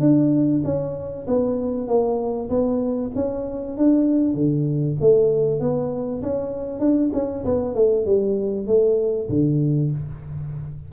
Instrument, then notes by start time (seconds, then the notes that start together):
tuba
0.00 D4
0.64 C#4
1.27 B3
1.88 A#3
2.49 B3
3.15 C#4
3.77 D4
4.34 D3
5.00 A3
5.60 B3
6.22 C#4
6.79 D4
7.13 C#4
7.45 B3
7.75 A3
8.06 G3
8.67 A3
9.29 D3